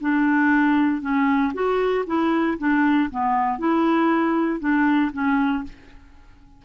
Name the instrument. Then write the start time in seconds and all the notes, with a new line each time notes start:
clarinet
0.00 D4
1.01 C#4
1.53 F#4
2.06 E4
2.58 D4
3.10 B3
3.58 E4
4.60 D4
5.12 C#4